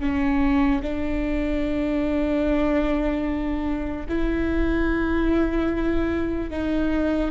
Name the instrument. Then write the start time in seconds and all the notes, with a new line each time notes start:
viola
0.00 C#4
0.82 D4
4.08 E4
6.50 D#4